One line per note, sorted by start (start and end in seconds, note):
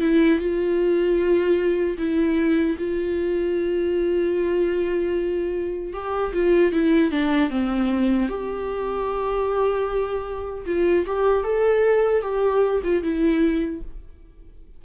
0.00 0.39 E4
0.39 1.97 F4
1.97 2.76 E4
2.78 5.93 F4
5.93 6.32 G4
6.33 6.72 F4
6.72 7.11 E4
7.11 7.50 D4
7.50 8.28 C4
8.28 10.65 G4
10.65 11.05 F4
11.06 11.43 G4
11.43 12.22 A4
12.22 12.81 G4
12.83 13.02 F4
13.02 13.81 E4